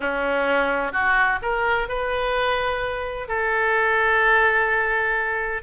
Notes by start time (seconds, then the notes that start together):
0.00 C#4
0.92 F#4
1.42 A#4
1.88 B4
3.28 A4